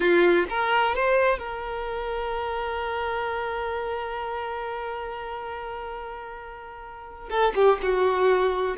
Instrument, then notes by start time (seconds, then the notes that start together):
violin
0.00 F4
0.49 A#4
0.95 C5
1.38 A#4
7.30 A4
7.55 G4
7.82 F#4